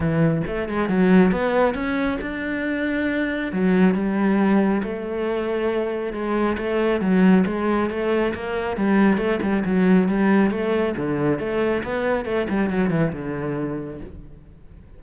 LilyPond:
\new Staff \with { instrumentName = "cello" } { \time 4/4 \tempo 4 = 137 e4 a8 gis8 fis4 b4 | cis'4 d'2. | fis4 g2 a4~ | a2 gis4 a4 |
fis4 gis4 a4 ais4 | g4 a8 g8 fis4 g4 | a4 d4 a4 b4 | a8 g8 fis8 e8 d2 | }